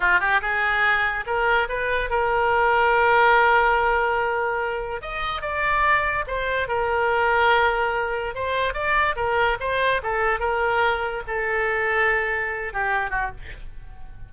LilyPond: \new Staff \with { instrumentName = "oboe" } { \time 4/4 \tempo 4 = 144 f'8 g'8 gis'2 ais'4 | b'4 ais'2.~ | ais'1 | dis''4 d''2 c''4 |
ais'1 | c''4 d''4 ais'4 c''4 | a'4 ais'2 a'4~ | a'2~ a'8 g'4 fis'8 | }